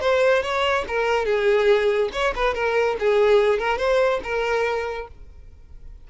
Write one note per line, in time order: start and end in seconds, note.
0.00 0.42 C5
0.42 0.85 C#5
0.87 1.25 A#4
1.25 2.10 G#4
2.12 2.34 C#5
2.35 2.54 B4
2.54 2.96 A#4
2.99 3.59 G#4
3.59 3.77 A#4
3.77 4.20 C5
4.23 5.07 A#4